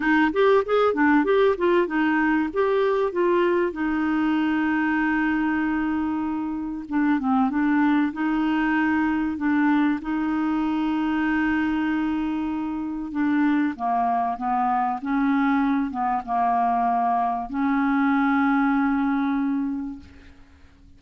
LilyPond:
\new Staff \with { instrumentName = "clarinet" } { \time 4/4 \tempo 4 = 96 dis'8 g'8 gis'8 d'8 g'8 f'8 dis'4 | g'4 f'4 dis'2~ | dis'2. d'8 c'8 | d'4 dis'2 d'4 |
dis'1~ | dis'4 d'4 ais4 b4 | cis'4. b8 ais2 | cis'1 | }